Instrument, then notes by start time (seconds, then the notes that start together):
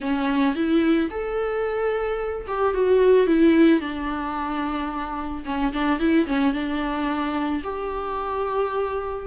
viola
0.00 C#4
0.55 E4
1.10 A4
2.47 G4
2.74 F#4
3.27 E4
3.80 D4
5.45 C#4
5.72 D4
5.99 E4
6.26 C#4
6.53 D4
7.63 G4